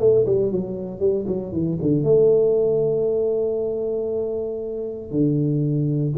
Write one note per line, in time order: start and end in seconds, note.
0.00 0.26 A3
0.26 0.52 G3
0.52 1.00 F#3
1.00 1.25 G3
1.28 1.53 F#3
1.53 1.78 E3
1.82 2.04 D3
2.04 5.11 A3
5.11 6.14 D3